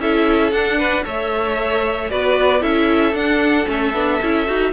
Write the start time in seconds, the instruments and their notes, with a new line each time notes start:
0.00 cello C#4, viola E4, violin A4 E5
0.52 cello D4, viola D4, violin F#5
0.78 violin B4
1.03 cello A3, viola A4, violin C#5 E5
2.11 cello B3, viola F#4, violin B4 D5
2.61 cello C#4, viola E4, violin A4 E5
3.14 cello D4, viola D4, violin F#5
3.66 cello A3, viola C#4, violin E5
3.94 cello B3, viola D4
4.22 cello C#4, viola E4
4.47 cello D#4, viola F#4